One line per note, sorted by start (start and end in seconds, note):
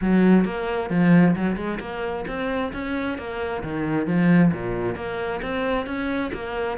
0.01 0.44 F#3
0.44 0.89 A#3
0.90 1.35 F3
1.35 1.56 F#3
1.56 1.78 G#3
1.80 2.25 A#3
2.27 2.72 C4
2.72 3.17 C#4
3.17 3.63 A#3
3.63 4.07 D#3
4.07 4.52 F3
4.52 4.95 A#2
4.95 5.40 A#3
5.41 5.86 C4
5.86 6.31 C#4
6.33 6.78 A#3